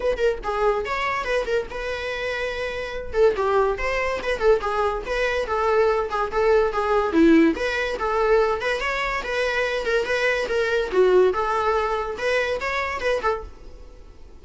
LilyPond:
\new Staff \with { instrumentName = "viola" } { \time 4/4 \tempo 4 = 143 b'8 ais'8 gis'4 cis''4 b'8 ais'8 | b'2.~ b'8 a'8 | g'4 c''4 b'8 a'8 gis'4 | b'4 a'4. gis'8 a'4 |
gis'4 e'4 b'4 a'4~ | a'8 b'8 cis''4 b'4. ais'8 | b'4 ais'4 fis'4 a'4~ | a'4 b'4 cis''4 b'8 a'8 | }